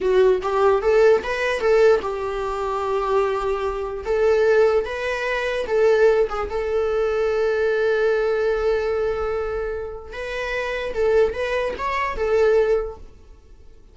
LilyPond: \new Staff \with { instrumentName = "viola" } { \time 4/4 \tempo 4 = 148 fis'4 g'4 a'4 b'4 | a'4 g'2.~ | g'2 a'2 | b'2 a'4. gis'8 |
a'1~ | a'1~ | a'4 b'2 a'4 | b'4 cis''4 a'2 | }